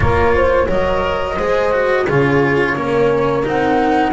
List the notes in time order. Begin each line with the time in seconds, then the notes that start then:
0.00 A#3 F4 A#4 C#5
0.35 C5
0.66 F#3 A#4 C#5 D#5
1.37 G#3 G#4 C5
1.71 F#4
2.03 C#3 F4 G#4 C#5
2.75 A#3 C#4 A#4
3.43 C4 D#4 F#5